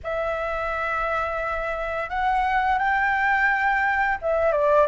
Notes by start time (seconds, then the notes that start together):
0.03 E5
2.09 F#5
2.78 G5
4.21 E5
4.52 D5